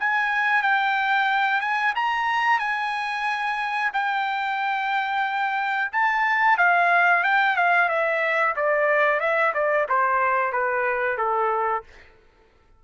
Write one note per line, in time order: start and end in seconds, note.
0.00 0.63 G#5
0.63 1.61 G5
1.61 1.94 G#5
1.96 2.60 A#5
2.60 3.92 G#5
3.94 5.91 G5
5.93 6.58 A5
6.58 7.24 F5
7.24 7.57 G5
7.57 7.89 F5
7.89 8.55 E5
8.57 9.20 D5
9.20 9.53 E5
9.55 9.88 D5
9.89 10.53 C5
10.53 11.18 B4
11.18 11.84 A4